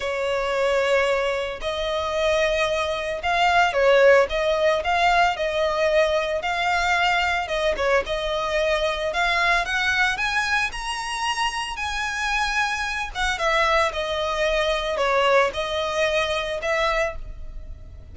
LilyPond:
\new Staff \with { instrumentName = "violin" } { \time 4/4 \tempo 4 = 112 cis''2. dis''4~ | dis''2 f''4 cis''4 | dis''4 f''4 dis''2 | f''2 dis''8 cis''8 dis''4~ |
dis''4 f''4 fis''4 gis''4 | ais''2 gis''2~ | gis''8 fis''8 e''4 dis''2 | cis''4 dis''2 e''4 | }